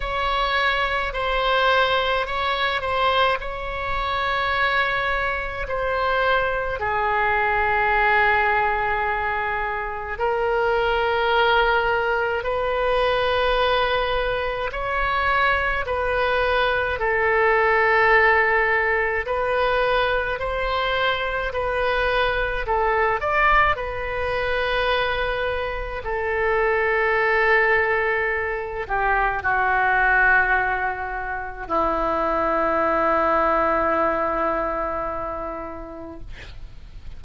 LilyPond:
\new Staff \with { instrumentName = "oboe" } { \time 4/4 \tempo 4 = 53 cis''4 c''4 cis''8 c''8 cis''4~ | cis''4 c''4 gis'2~ | gis'4 ais'2 b'4~ | b'4 cis''4 b'4 a'4~ |
a'4 b'4 c''4 b'4 | a'8 d''8 b'2 a'4~ | a'4. g'8 fis'2 | e'1 | }